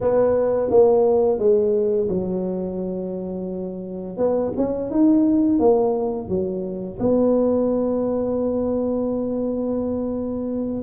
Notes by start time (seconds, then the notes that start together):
0.00 B3
0.70 A#3
1.38 G#3
2.08 F#3
4.17 B3
4.56 C#4
4.90 D#4
5.59 A#3
6.28 F#3
6.99 B3